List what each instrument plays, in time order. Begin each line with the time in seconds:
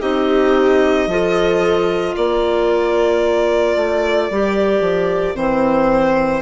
0.00 bassoon C4, clarinet D#4, viola G4, violin D#5
1.06 bassoon F3, clarinet F4, viola A4
2.16 bassoon A#3, viola A#4, violin D5
3.76 bassoon A3
4.30 bassoon G3, clarinet G4
4.80 bassoon F3
5.35 bassoon E3, clarinet C4, violin C5